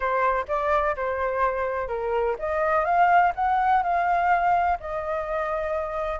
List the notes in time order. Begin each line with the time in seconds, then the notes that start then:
0.00 C5
0.48 D5
0.96 C5
1.88 A#4
2.38 D#5
2.84 F5
3.35 F#5
3.82 F5
4.80 D#5